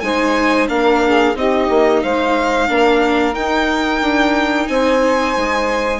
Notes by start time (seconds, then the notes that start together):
0.00 G#3 D#4 C5 G#5
0.68 A#3 D4 A#4 F5
1.06 G#4
1.35 C4 D#4 G4 D#5
1.69 A#3
2.02 G#3 C5 F5
2.67 A#3 D4 A#4
3.33 D#4 G5
4.01 D4
4.67 C4 C5 G#5
5.36 G#3